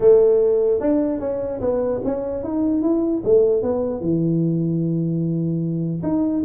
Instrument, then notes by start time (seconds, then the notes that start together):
tuba
0.00 A3
0.80 D4
1.20 C#4
1.60 B3
2.04 C#4
2.43 D#4
2.82 E4
3.24 A3
3.62 B3
4.00 E3
6.03 D#4